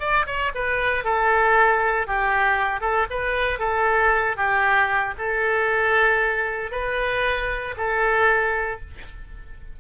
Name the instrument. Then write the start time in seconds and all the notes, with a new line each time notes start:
oboe
0.00 D5
0.26 C#5
0.55 B4
1.04 A4
2.07 G4
2.80 A4
3.10 B4
3.59 A4
4.37 G4
5.18 A4
6.71 B4
7.77 A4